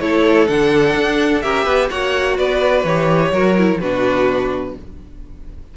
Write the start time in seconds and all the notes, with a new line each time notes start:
0.00 A3 E4 A4 C#5
0.48 D3 D4 F#5
0.95 D4
1.42 C#4 G4 A#4 E5
1.64 B3 B4
1.90 A#3 F#4 C#5 F#5
2.36 B3 B4 D5
2.84 E3 G4 C#5
3.32 F#3 F#4 A#4
3.57 E4
3.80 B2 D4 F#4 B4